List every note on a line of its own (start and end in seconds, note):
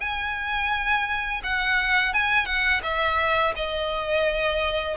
0.00 1.41 G#5
1.43 2.13 F#5
2.13 2.45 G#5
2.45 2.81 F#5
2.83 3.54 E5
3.56 4.97 D#5